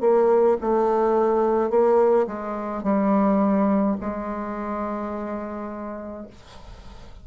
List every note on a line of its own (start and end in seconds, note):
0.00 0.57 A#3
0.60 1.69 A3
1.69 2.26 A#3
2.26 2.83 G#3
2.83 3.96 G3
4.00 6.26 G#3